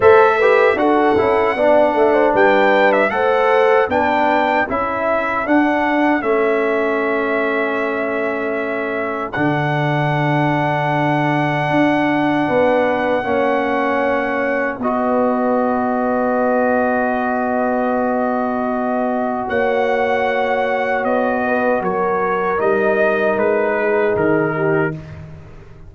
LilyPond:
<<
  \new Staff \with { instrumentName = "trumpet" } { \time 4/4 \tempo 4 = 77 e''4 fis''2 g''8. e''16 | fis''4 g''4 e''4 fis''4 | e''1 | fis''1~ |
fis''2. dis''4~ | dis''1~ | dis''4 fis''2 dis''4 | cis''4 dis''4 b'4 ais'4 | }
  \new Staff \with { instrumentName = "horn" } { \time 4/4 c''8 b'8 a'4 d''8 e''16 c''16 b'4 | c''4 b'4 a'2~ | a'1~ | a'1 |
b'4 cis''2 b'4~ | b'1~ | b'4 cis''2~ cis''8 b'8 | ais'2~ ais'8 gis'4 g'8 | }
  \new Staff \with { instrumentName = "trombone" } { \time 4/4 a'8 g'8 fis'8 e'8 d'2 | a'4 d'4 e'4 d'4 | cis'1 | d'1~ |
d'4 cis'2 fis'4~ | fis'1~ | fis'1~ | fis'4 dis'2. | }
  \new Staff \with { instrumentName = "tuba" } { \time 4/4 a4 d'8 cis'8 b8 a8 g4 | a4 b4 cis'4 d'4 | a1 | d2. d'4 |
b4 ais2 b4~ | b1~ | b4 ais2 b4 | fis4 g4 gis4 dis4 | }
>>